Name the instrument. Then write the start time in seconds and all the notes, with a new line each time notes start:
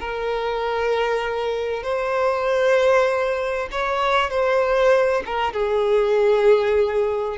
violin
0.00 A#4
1.83 C5
3.71 C#5
4.30 C5
5.26 A#4
5.53 G#4